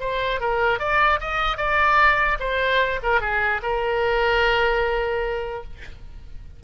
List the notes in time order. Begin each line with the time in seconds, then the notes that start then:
0.00 C5
0.40 A#4
0.79 D5
1.20 D#5
1.57 D5
2.39 C5
3.03 A#4
3.21 G#4
3.62 A#4